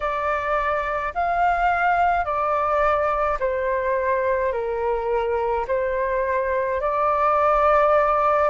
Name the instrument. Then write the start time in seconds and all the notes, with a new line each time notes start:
flute
0.00 D5
1.14 F5
2.24 D5
3.39 C5
4.52 A#4
5.67 C5
6.80 D5